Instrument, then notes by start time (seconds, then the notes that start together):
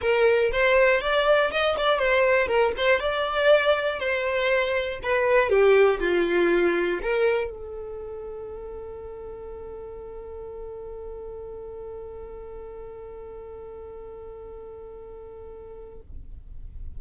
violin
0.01 A#4
0.52 C5
1.00 D5
1.51 D#5
1.77 D5
1.98 C5
2.47 A#4
2.77 C5
3.00 D5
3.99 C5
5.02 B4
5.49 G4
6.00 F4
7.02 A#4
7.50 A4